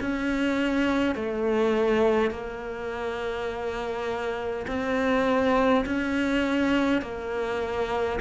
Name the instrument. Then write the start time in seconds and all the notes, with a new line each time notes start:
cello
0.00 C#4
1.15 A3
2.30 A#3
4.67 C4
5.85 C#4
7.02 A#3